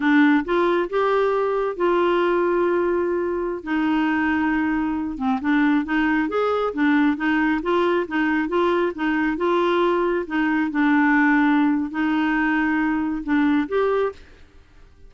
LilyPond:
\new Staff \with { instrumentName = "clarinet" } { \time 4/4 \tempo 4 = 136 d'4 f'4 g'2 | f'1~ | f'16 dis'2.~ dis'8 c'16~ | c'16 d'4 dis'4 gis'4 d'8.~ |
d'16 dis'4 f'4 dis'4 f'8.~ | f'16 dis'4 f'2 dis'8.~ | dis'16 d'2~ d'8. dis'4~ | dis'2 d'4 g'4 | }